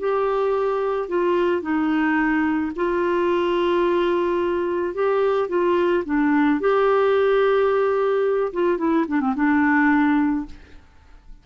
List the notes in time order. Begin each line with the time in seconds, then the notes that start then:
0.00 G4
1.09 F4
1.62 D#4
2.76 F4
4.95 G4
5.49 F4
6.06 D4
6.61 G4
8.53 F4
8.78 E4
9.08 D4
9.21 C4
9.36 D4